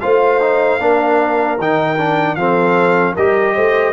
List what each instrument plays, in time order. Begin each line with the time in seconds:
0.00 tuba A3, trombone F4, horn C5, trumpet F5
0.41 trombone D#4
0.79 tuba A#3, trombone D4, horn A#4
1.58 tuba D#3, trombone D#4, trumpet G5
1.98 trombone D4
2.35 tuba F3, trombone C4, horn A4, trumpet F5
3.14 tuba G3, trombone G4, horn A#4, trumpet D#5
3.55 tuba A3, horn C5